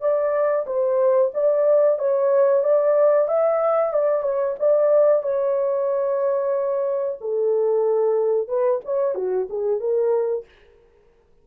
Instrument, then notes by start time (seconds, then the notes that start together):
horn
0.00 D5
0.66 C5
1.34 D5
1.98 C#5
2.63 D5
3.28 E5
3.93 D5
4.22 C#5
4.59 D5
5.22 C#5
7.20 A4
8.48 B4
8.84 C#5
9.15 F#4
9.49 G#4
9.80 A#4